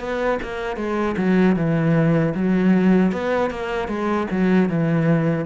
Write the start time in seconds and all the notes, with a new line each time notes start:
0.00 B3
0.43 A#3
0.77 G#3
1.17 F#3
1.56 E3
2.34 F#3
3.12 B3
3.50 A#3
3.88 G#3
4.31 F#3
4.69 E3